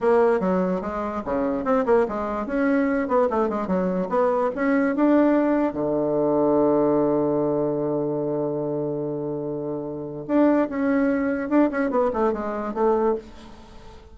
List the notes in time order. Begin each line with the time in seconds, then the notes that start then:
0.00 A#3
0.40 F#3
0.81 G#3
1.25 C#3
1.64 C4
1.85 A#3
2.08 G#3
2.46 C#4
3.08 B3
3.30 A3
3.49 G#3
3.67 F#3
4.09 B3
4.55 C#4
4.95 D4
5.73 D3
10.27 D4
10.69 C#4
11.49 D4
11.71 C#4
11.90 B3
12.13 A3
12.33 G#3
12.74 A3